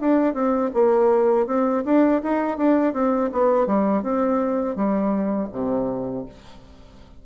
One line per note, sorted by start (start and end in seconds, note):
0.00 0.34 D4
0.34 0.70 C4
0.74 1.46 A#3
1.46 1.83 C4
1.85 2.21 D4
2.23 2.57 D#4
2.57 2.93 D4
2.93 3.30 C4
3.32 3.67 B3
3.67 4.02 G3
4.02 4.75 C4
4.75 5.48 G3
5.52 6.25 C3